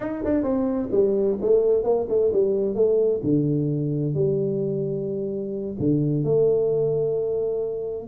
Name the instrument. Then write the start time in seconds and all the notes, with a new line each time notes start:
tuba
0.00 D#4
0.24 D4
0.43 C4
0.91 G3
1.41 A3
1.83 A#3
2.08 A3
2.32 G3
2.74 A3
3.23 D3
4.14 G3
5.79 D3
6.23 A3